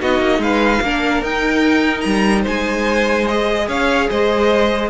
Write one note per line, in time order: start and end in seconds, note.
0.00 0.20 B3
0.00 0.82 D#4
0.00 0.41 F#4
0.00 0.42 D#5
0.20 0.38 A#3
0.38 0.79 G#3
0.38 0.83 B4
0.38 1.23 F5
0.81 1.22 A#3
0.81 1.25 D4
0.81 2.42 A#4
1.22 2.03 D#4
1.22 3.27 D#4
1.22 2.00 G5
2.00 2.45 G3
2.00 2.41 A#5
2.42 3.68 G#3
2.42 3.64 C5
2.42 3.27 G#5
3.27 4.89 G#4
3.27 3.68 D#5
3.68 4.09 C#4
3.68 4.08 C#5
3.68 4.09 F5
4.09 4.89 G#3
4.09 4.89 C5
4.09 4.89 D#5